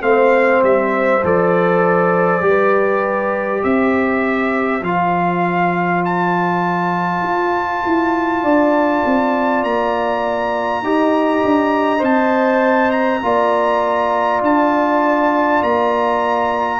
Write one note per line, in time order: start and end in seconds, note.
0.00 0.61 A3
0.00 1.20 C4
0.00 2.44 C5
0.00 0.62 F5
0.62 1.22 G3
0.62 1.24 E5
1.23 2.41 F3
1.23 2.41 A4
1.23 3.63 D5
2.41 3.61 G3
2.41 4.81 G4
2.47 3.62 B4
3.62 4.81 C4
3.62 8.43 C5
3.62 4.83 E5
4.81 7.21 F3
4.81 10.84 F4
4.81 6.04 F5
6.04 9.63 A5
7.22 7.82 F4
7.85 8.43 E4
8.43 9.03 D4
8.43 10.83 D5
9.05 9.63 C4
9.63 10.81 A#3
9.63 12.03 A#5
10.81 11.41 D#4
10.81 11.98 G4
10.81 13.24 D#5
11.44 12.02 D4
11.98 13.21 C4
11.98 13.18 C5
11.98 12.91 A5
12.91 14.41 A#5
13.21 14.41 A#3
13.21 16.80 F4
13.21 16.80 D5
14.41 15.61 D4
14.41 15.63 A5
15.62 16.80 A#3
15.62 16.80 A#5